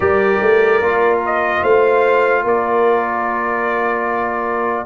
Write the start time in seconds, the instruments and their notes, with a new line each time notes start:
0.00 tuba G3, trombone G4, horn A#4, trumpet D5
0.41 tuba A3
0.81 tuba A#3, trombone F4
1.25 trumpet D#5
1.62 tuba A3, horn C5, trumpet F5
2.43 tuba A#3, horn A#4, trumpet D5